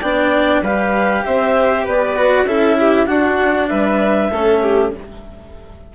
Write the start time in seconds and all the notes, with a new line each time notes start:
0.00 B3 D4 D5 G5
0.62 G3 G4 B4 F5
1.25 C4 C5 E5
1.84 B3 B4 D5
2.16 F#4
2.45 C#4 E4 A4 E5
2.79 G4
3.06 D4 F#4 F#5
3.68 G3 B4 E5
4.30 A3 C#4 A4
4.62 G4